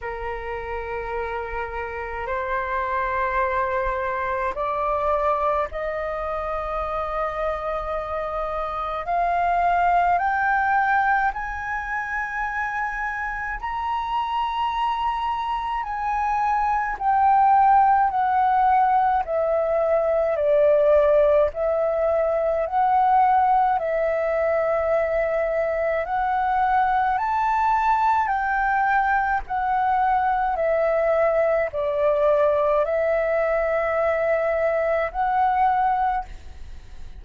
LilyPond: \new Staff \with { instrumentName = "flute" } { \time 4/4 \tempo 4 = 53 ais'2 c''2 | d''4 dis''2. | f''4 g''4 gis''2 | ais''2 gis''4 g''4 |
fis''4 e''4 d''4 e''4 | fis''4 e''2 fis''4 | a''4 g''4 fis''4 e''4 | d''4 e''2 fis''4 | }